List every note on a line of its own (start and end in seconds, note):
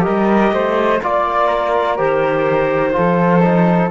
0.00 0.97 G4
0.00 0.52 A#4
0.00 0.99 D#5
0.06 0.51 G3
0.51 1.00 A3
0.51 1.02 C5
1.02 1.99 A#3
1.02 1.97 F4
1.02 1.98 D5
1.02 1.47 D5
1.47 2.92 A#4
1.97 2.96 D#3
1.97 2.92 G4
1.97 3.91 C5
2.92 3.40 F4
2.92 3.91 A4
2.98 3.91 F3
3.41 3.90 D#4